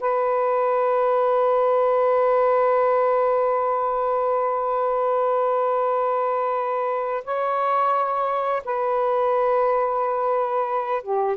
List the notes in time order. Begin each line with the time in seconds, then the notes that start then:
0.00 B4
7.25 C#5
8.65 B4
11.03 G4